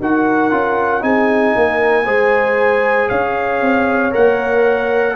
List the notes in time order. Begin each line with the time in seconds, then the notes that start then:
0.00 D#4 F#4 A#4 F#5
0.50 C#4 F4
1.00 C4 D#4 G#4 G#5
1.55 A#3 A#4
2.05 G#3 G#4 C5
3.08 C#4 C#5 F5
3.61 C4
4.11 A#3 A#4 F#5